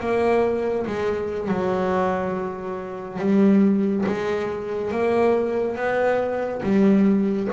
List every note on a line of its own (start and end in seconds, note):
0.00 0.86 A#3
0.86 1.48 G#3
1.48 3.18 F#3
3.18 4.04 G3
4.06 4.91 G#3
4.91 5.75 A#3
5.75 6.61 B3
6.62 7.48 G3